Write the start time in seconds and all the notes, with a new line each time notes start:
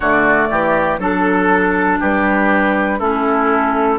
0.00 D3 A3 F#4 D5
0.50 E3 G4
0.98 F#3 D4 A4
1.99 G3 G4 B4
2.99 A3 C#4 E4 A4